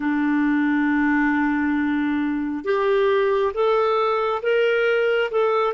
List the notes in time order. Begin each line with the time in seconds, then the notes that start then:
0.00 D4
2.64 G4
3.53 A4
4.42 A#4
5.31 A4